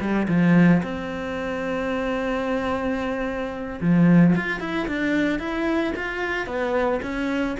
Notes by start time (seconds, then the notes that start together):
0.00 G3
0.28 F3
0.83 C4
3.81 F3
4.35 F4
4.60 E4
4.87 D4
5.39 E4
5.96 F4
6.46 B3
7.02 C#4